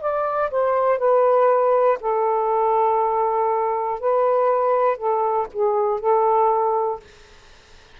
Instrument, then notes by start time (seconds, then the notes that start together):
saxophone
0.00 D5
0.50 C5
0.98 B4
2.00 A4
4.00 B4
4.97 A4
5.52 G#4
6.00 A4